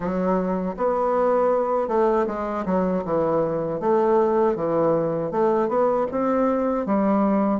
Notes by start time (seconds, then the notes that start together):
0.00 F#3
0.76 B3
1.88 A3
2.26 G#3
2.65 F#3
3.04 E3
3.80 A3
4.55 E3
5.31 A3
5.68 B3
6.11 C4
6.86 G3